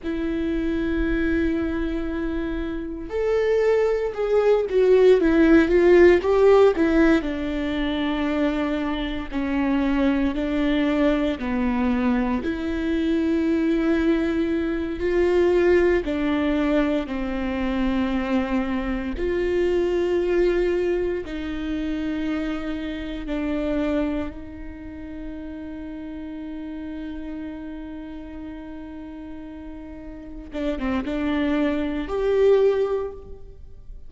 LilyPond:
\new Staff \with { instrumentName = "viola" } { \time 4/4 \tempo 4 = 58 e'2. a'4 | gis'8 fis'8 e'8 f'8 g'8 e'8 d'4~ | d'4 cis'4 d'4 b4 | e'2~ e'8 f'4 d'8~ |
d'8 c'2 f'4.~ | f'8 dis'2 d'4 dis'8~ | dis'1~ | dis'4. d'16 c'16 d'4 g'4 | }